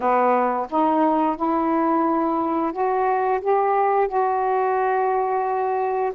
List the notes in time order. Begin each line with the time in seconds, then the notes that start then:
0.00 B3
0.70 D#4
1.36 E4
2.72 F#4
3.41 G4
4.08 F#4